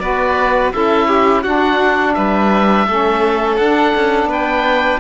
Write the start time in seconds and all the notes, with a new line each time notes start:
0.00 B3 F#4 B4 D5
0.72 C#4 E4 A4 E5
1.08 G4
1.43 D4 F#4 F#5
2.14 G3 B4 E5
2.86 A3 C#4 A4
3.56 D4 F#5
3.95 C#4
4.25 B3 B4
4.32 G5